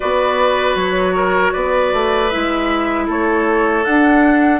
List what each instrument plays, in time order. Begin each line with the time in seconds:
0.00 bassoon B3, clarinet F#4, oboe B4, flute D5
0.75 bassoon F#3, flute C#5
1.15 oboe A#4
1.52 bassoon B3, oboe B4, flute D5
1.93 bassoon A3
2.29 bassoon G#3, clarinet E4, flute E5
3.06 bassoon A3, oboe A4, flute C#5
3.84 bassoon D4, clarinet D4, flute F#5